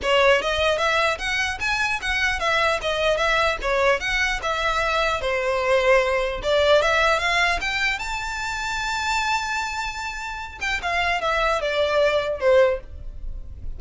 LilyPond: \new Staff \with { instrumentName = "violin" } { \time 4/4 \tempo 4 = 150 cis''4 dis''4 e''4 fis''4 | gis''4 fis''4 e''4 dis''4 | e''4 cis''4 fis''4 e''4~ | e''4 c''2. |
d''4 e''4 f''4 g''4 | a''1~ | a''2~ a''8 g''8 f''4 | e''4 d''2 c''4 | }